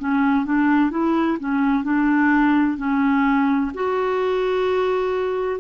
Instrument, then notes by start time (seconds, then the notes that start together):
clarinet
0.00 C#4
0.46 D4
0.91 E4
1.40 C#4
1.85 D4
2.78 C#4
3.75 F#4